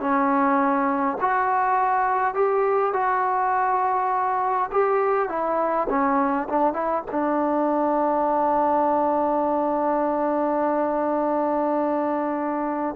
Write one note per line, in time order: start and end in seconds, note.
0.00 1.18 C#4
1.21 2.35 F#4
2.35 2.94 G4
2.94 4.70 F#4
4.72 5.29 G4
5.29 5.88 E4
5.89 6.48 C#4
6.49 6.73 D4
6.73 7.03 E4
7.11 12.96 D4